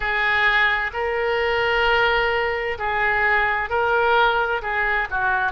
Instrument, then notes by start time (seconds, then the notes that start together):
oboe
0.00 G#4
0.93 A#4
2.78 G#4
3.69 A#4
4.62 G#4
5.10 F#4